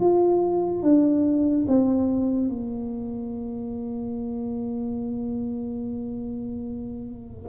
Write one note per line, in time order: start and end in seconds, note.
0.00 0.83 F4
0.83 1.66 D4
1.67 2.48 C4
2.48 7.48 A#3